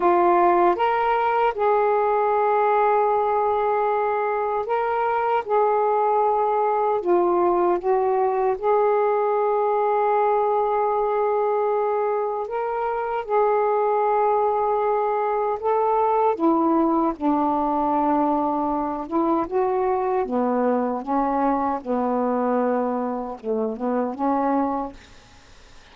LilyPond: \new Staff \with { instrumentName = "saxophone" } { \time 4/4 \tempo 4 = 77 f'4 ais'4 gis'2~ | gis'2 ais'4 gis'4~ | gis'4 f'4 fis'4 gis'4~ | gis'1 |
ais'4 gis'2. | a'4 e'4 d'2~ | d'8 e'8 fis'4 b4 cis'4 | b2 a8 b8 cis'4 | }